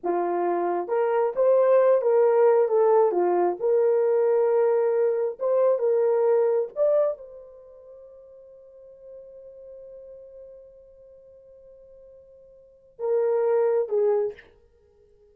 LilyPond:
\new Staff \with { instrumentName = "horn" } { \time 4/4 \tempo 4 = 134 f'2 ais'4 c''4~ | c''8 ais'4. a'4 f'4 | ais'1 | c''4 ais'2 d''4 |
c''1~ | c''1~ | c''1~ | c''4 ais'2 gis'4 | }